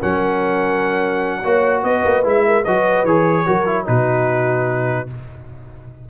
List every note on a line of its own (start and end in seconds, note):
0.00 1.45 F#3
0.00 1.43 C#4
0.00 1.42 A#4
0.00 1.84 F#5
1.43 1.83 A#3
1.43 2.23 F#4
1.43 1.83 C#5
1.83 2.04 B3
1.83 2.46 B4
1.83 2.24 D#5
2.04 2.24 A#3
2.23 2.65 G#3
2.23 2.64 E4
2.23 2.64 E5
2.46 2.64 A#4
2.64 3.04 F#3
2.64 3.07 F#4
2.64 3.46 B4
2.64 3.05 D#5
3.04 3.45 E3
3.04 3.46 G#4
3.04 3.86 C#5
3.46 3.88 F#3
3.46 3.66 F#4
3.46 3.87 A#4
3.66 3.85 E4
3.85 5.09 B2
3.85 5.07 D#4
3.85 5.09 F#4
3.85 5.09 B4